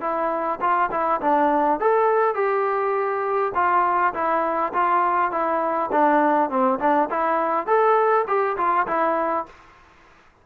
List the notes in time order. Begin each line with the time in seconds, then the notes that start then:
0.00 E4
0.60 F4
0.91 E4
1.21 D4
1.79 A4
2.34 G4
3.54 F4
4.13 E4
4.73 F4
5.31 E4
5.91 D4
6.49 C4
6.79 D4
7.10 E4
7.66 A4
8.27 G4
8.57 F4
8.86 E4